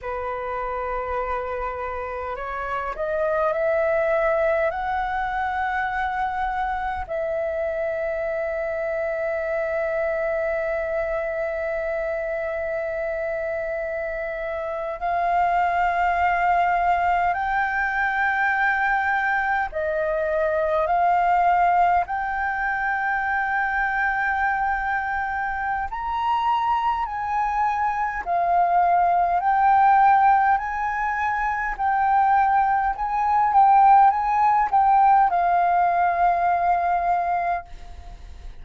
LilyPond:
\new Staff \with { instrumentName = "flute" } { \time 4/4 \tempo 4 = 51 b'2 cis''8 dis''8 e''4 | fis''2 e''2~ | e''1~ | e''8. f''2 g''4~ g''16~ |
g''8. dis''4 f''4 g''4~ g''16~ | g''2 ais''4 gis''4 | f''4 g''4 gis''4 g''4 | gis''8 g''8 gis''8 g''8 f''2 | }